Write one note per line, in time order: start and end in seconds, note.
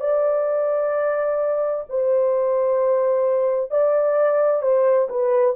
0.00 1.85 D5
1.89 3.71 C5
3.71 4.62 D5
4.62 5.08 C5
5.09 5.56 B4